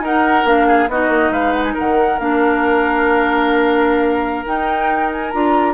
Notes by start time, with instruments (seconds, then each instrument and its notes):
0.00 bassoon D#4, clarinet D#4, oboe A#4, flute F#5
0.45 bassoon A#3, clarinet D4, flute F5
0.67 oboe G#4
0.88 bassoon B3, clarinet D#4, oboe F#4, flute D#5
1.08 bassoon A#3
1.30 bassoon G#3, oboe B4, flute F5
1.53 flute F#5
1.64 flute G#5
1.74 bassoon D#3, oboe A#4, flute F#5
2.19 bassoon A#3, clarinet D4, flute F5
4.46 clarinet D#4, bassoon D#4, flute G5
5.12 flute G#5
5.31 bassoon D4, clarinet F4, flute A#5